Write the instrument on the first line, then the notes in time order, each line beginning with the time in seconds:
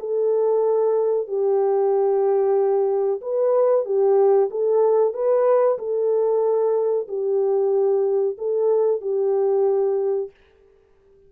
horn
0.00 A4
1.28 G4
3.22 B4
3.86 G4
4.51 A4
5.14 B4
5.79 A4
7.09 G4
8.38 A4
9.02 G4